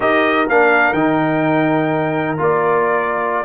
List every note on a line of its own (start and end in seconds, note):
0.00 0.47 D#4
0.00 0.47 G4
0.00 3.44 A#4
0.00 0.48 D#5
0.47 0.93 A#3
0.47 0.95 D4
0.47 0.93 F5
0.93 2.37 D#3
0.93 2.37 D#4
0.93 2.37 G5
2.37 3.44 A#3
2.37 3.44 F4
2.37 3.44 D5